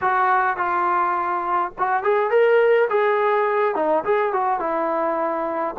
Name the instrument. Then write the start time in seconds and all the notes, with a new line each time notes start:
trombone
0.01 F#4
0.56 F4
1.78 F#4
2.03 G#4
2.30 A#4
2.89 G#4
3.75 D#4
4.04 G#4
4.33 F#4
4.59 E4